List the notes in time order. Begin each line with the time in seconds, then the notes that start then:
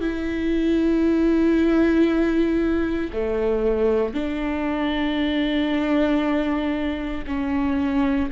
0.00 E4
3.13 A3
4.14 D4
7.26 C#4